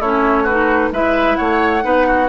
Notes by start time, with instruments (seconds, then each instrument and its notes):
0.00 bassoon A3, clarinet C#4, oboe E4, flute C#5
0.43 oboe F#4, flute B4
0.50 clarinet D#4
0.92 bassoon G#3, clarinet E4, oboe B4, flute E5
1.36 bassoon A3, oboe C#5, flute F#5
1.82 bassoon B3, clarinet D#4, oboe B4
2.08 oboe F#4